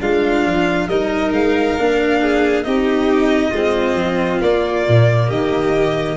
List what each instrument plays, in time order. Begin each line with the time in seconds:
0.00 tuba G#3, cello D4, violin F4 F5
0.45 tuba F3
0.87 tuba G3, cello D#4, violin A#4 D#5
1.31 tuba G#3, violin F5
1.78 tuba A#3, cello D4
2.21 violin G#4
2.63 tuba C4, cello D#4, violin G4 D#5
3.50 tuba G#3, cello C4, violin F4
3.94 tuba F3
4.41 tuba A#3, cello A#3, violin D5
4.88 tuba A#2
5.27 tuba D#3, violin G4 D#5